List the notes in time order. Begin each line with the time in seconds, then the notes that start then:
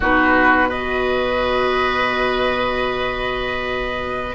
0.00 B2 D#4 F#4 B4
0.68 F#4 B4 D#5